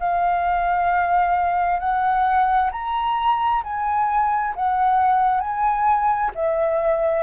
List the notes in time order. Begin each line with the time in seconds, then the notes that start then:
0.00 F5
1.80 F#5
2.72 A#5
3.64 G#5
4.56 F#5
5.41 G#5
6.35 E5